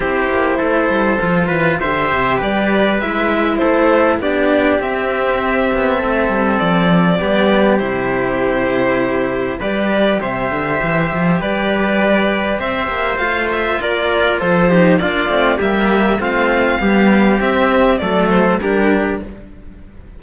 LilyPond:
<<
  \new Staff \with { instrumentName = "violin" } { \time 4/4 \tempo 4 = 100 c''2. e''4 | d''4 e''4 c''4 d''4 | e''2. d''4~ | d''4 c''2. |
d''4 e''2 d''4~ | d''4 e''4 f''8 e''8 d''4 | c''4 d''4 e''4 f''4~ | f''4 e''4 d''8 c''8 ais'4 | }
  \new Staff \with { instrumentName = "trumpet" } { \time 4/4 g'4 a'4. b'8 c''4 | b'2 a'4 g'4~ | g'2 a'2 | g'1 |
b'4 c''2 b'4~ | b'4 c''2 ais'4 | a'8 g'8 f'4 g'4 f'4 | g'2 a'4 g'4 | }
  \new Staff \with { instrumentName = "cello" } { \time 4/4 e'2 f'4 g'4~ | g'4 e'2 d'4 | c'1 | b4 e'2. |
g'1~ | g'2 f'2~ | f'8 dis'8 d'8 c'8 ais4 c'4 | g4 c'4 a4 d'4 | }
  \new Staff \with { instrumentName = "cello" } { \time 4/4 c'8 ais8 a8 g8 f8 e8 d8 c8 | g4 gis4 a4 b4 | c'4. b8 a8 g8 f4 | g4 c2. |
g4 c8 d8 e8 f8 g4~ | g4 c'8 ais8 a4 ais4 | f4 ais8 a8 g4 a4 | b4 c'4 fis4 g4 | }
>>